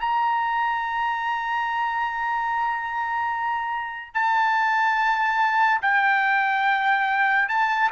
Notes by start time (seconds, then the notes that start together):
0.00 A#5
4.15 A5
5.82 G5
7.49 A5